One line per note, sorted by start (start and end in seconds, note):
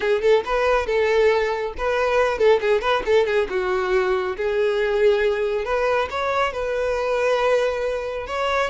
0.00 0.21 G#4
0.21 0.43 A4
0.45 0.86 B4
0.86 1.73 A4
1.77 2.38 B4
2.38 2.60 A4
2.61 2.81 G#4
2.81 3.02 B4
3.05 3.25 A4
3.25 3.47 G#4
3.49 4.36 F#4
4.36 5.64 G#4
5.64 6.08 B4
6.10 6.52 C#5
6.52 8.26 B4
8.26 8.70 C#5